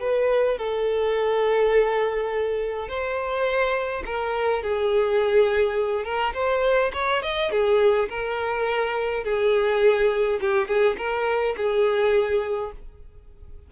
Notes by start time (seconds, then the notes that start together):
0.00 B4
0.58 A4
2.88 C5
4.05 A#4
4.63 G#4
6.04 A#4
6.34 C5
6.93 C#5
7.22 D#5
7.51 G#4
8.09 A#4
9.24 G#4
10.41 G4
10.67 G#4
10.97 A#4
11.57 G#4